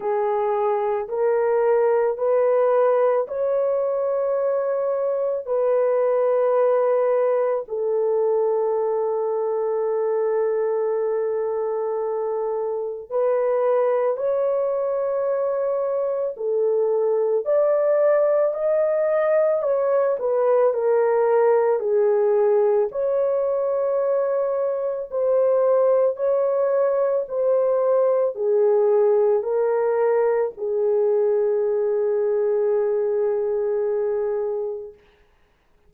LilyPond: \new Staff \with { instrumentName = "horn" } { \time 4/4 \tempo 4 = 55 gis'4 ais'4 b'4 cis''4~ | cis''4 b'2 a'4~ | a'1 | b'4 cis''2 a'4 |
d''4 dis''4 cis''8 b'8 ais'4 | gis'4 cis''2 c''4 | cis''4 c''4 gis'4 ais'4 | gis'1 | }